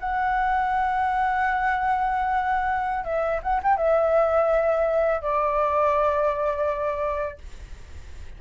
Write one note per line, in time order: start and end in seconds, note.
0.00 3.04 F#5
3.04 3.40 E5
3.42 3.60 F#5
3.63 3.77 G5
3.77 5.21 E5
5.21 7.38 D5